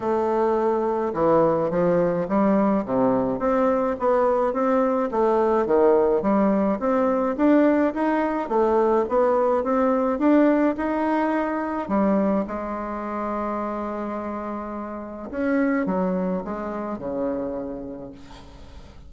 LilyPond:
\new Staff \with { instrumentName = "bassoon" } { \time 4/4 \tempo 4 = 106 a2 e4 f4 | g4 c4 c'4 b4 | c'4 a4 dis4 g4 | c'4 d'4 dis'4 a4 |
b4 c'4 d'4 dis'4~ | dis'4 g4 gis2~ | gis2. cis'4 | fis4 gis4 cis2 | }